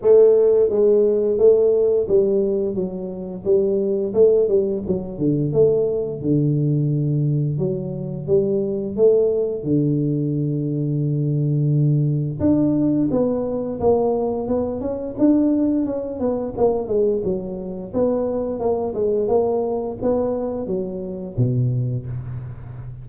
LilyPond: \new Staff \with { instrumentName = "tuba" } { \time 4/4 \tempo 4 = 87 a4 gis4 a4 g4 | fis4 g4 a8 g8 fis8 d8 | a4 d2 fis4 | g4 a4 d2~ |
d2 d'4 b4 | ais4 b8 cis'8 d'4 cis'8 b8 | ais8 gis8 fis4 b4 ais8 gis8 | ais4 b4 fis4 b,4 | }